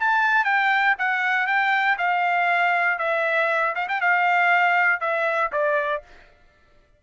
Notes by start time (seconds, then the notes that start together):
0.00 A5
0.45 G5
0.99 F#5
1.47 G5
1.98 F5
2.99 E5
3.76 F5
3.89 G5
4.01 F5
5.01 E5
5.53 D5